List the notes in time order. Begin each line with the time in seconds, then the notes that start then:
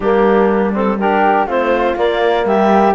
0.00 G3 A#3 D4 G4
0.73 C4 A4
0.98 D4 G4 A#4
1.46 A3 C4 F4 C5
1.95 A#3 D5
2.44 G3 G4 E5